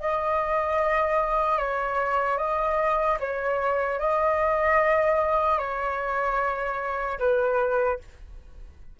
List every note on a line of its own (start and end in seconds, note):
0.00 1.58 D#5
1.58 2.38 C#5
2.38 3.18 D#5
3.20 4.00 C#5
4.00 5.59 D#5
5.59 7.19 C#5
7.19 7.99 B4